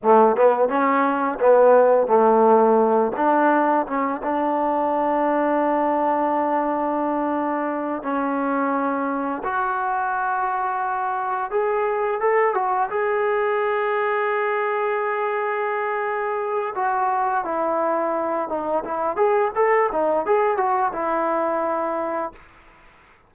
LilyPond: \new Staff \with { instrumentName = "trombone" } { \time 4/4 \tempo 4 = 86 a8 b8 cis'4 b4 a4~ | a8 d'4 cis'8 d'2~ | d'2.~ d'8 cis'8~ | cis'4. fis'2~ fis'8~ |
fis'8 gis'4 a'8 fis'8 gis'4.~ | gis'1 | fis'4 e'4. dis'8 e'8 gis'8 | a'8 dis'8 gis'8 fis'8 e'2 | }